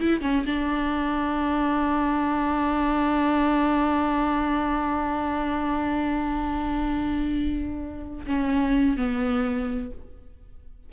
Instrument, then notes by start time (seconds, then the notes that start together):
viola
0.00 E4
0.21 C#4
0.46 D4
8.27 C#4
8.97 B3